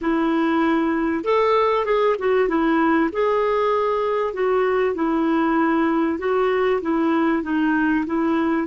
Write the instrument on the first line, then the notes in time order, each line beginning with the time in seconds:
clarinet
0.01 E4
1.24 A4
1.85 G#4
2.18 F#4
2.48 E4
3.12 G#4
4.33 F#4
4.95 E4
6.19 F#4
6.81 E4
7.42 D#4
8.06 E4